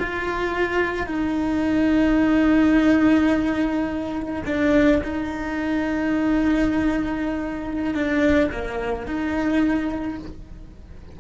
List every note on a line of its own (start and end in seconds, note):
0.00 1.07 F4
1.07 4.43 D#4
4.46 5.02 D4
5.04 7.94 D#4
7.94 8.51 D4
8.52 9.07 A#3
9.07 10.19 D#4